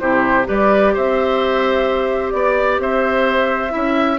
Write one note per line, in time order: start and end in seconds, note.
0.00 0.48 C3
0.00 0.45 E4
0.00 0.48 G4
0.00 0.47 C5
0.45 0.96 G3
0.45 3.71 G4
0.45 0.94 B4
0.45 0.96 D5
0.94 2.34 C4
0.94 2.34 C5
0.94 2.32 E5
2.32 2.79 B3
2.32 2.78 D5
2.32 2.82 D5
2.79 3.72 C4
2.79 3.73 C5
2.79 4.19 E5
3.71 4.19 C#4
3.71 4.17 E4
3.71 4.19 E5